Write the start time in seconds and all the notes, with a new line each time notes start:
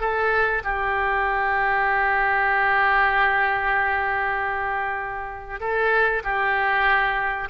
0.00 A4
0.63 G4
5.60 A4
6.23 G4